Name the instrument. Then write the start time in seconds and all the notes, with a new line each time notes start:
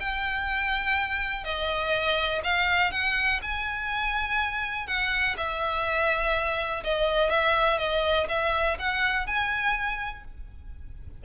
violin
0.00 G5
1.45 D#5
2.44 F5
2.92 F#5
3.43 G#5
4.87 F#5
5.37 E5
6.84 D#5
7.30 E5
7.78 D#5
8.29 E5
8.79 F#5
9.27 G#5